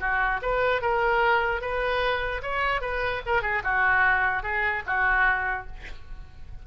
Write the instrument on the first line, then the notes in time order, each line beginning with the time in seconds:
oboe
0.00 F#4
0.42 B4
0.81 A#4
1.61 B4
2.43 C#5
2.81 B4
3.26 A#4
3.42 G#4
3.64 F#4
4.43 G#4
4.87 F#4